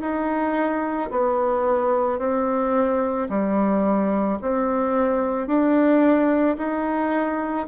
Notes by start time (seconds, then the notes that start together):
0.00 D#4
1.11 B3
2.19 C4
3.29 G3
4.41 C4
5.47 D4
6.58 D#4